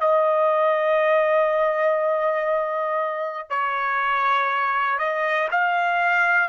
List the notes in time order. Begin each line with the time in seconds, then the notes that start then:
0.00 D#5
3.50 C#5
4.98 D#5
5.50 F5